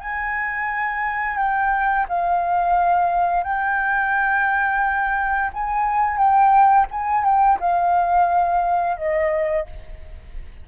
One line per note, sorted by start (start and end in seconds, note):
0.00 1.37 G#5
1.37 2.06 G5
2.08 3.44 F5
3.44 5.50 G5
5.53 6.17 G#5
6.17 6.86 G5
6.91 7.24 G#5
7.24 7.58 G5
7.60 8.97 F5
8.97 9.66 D#5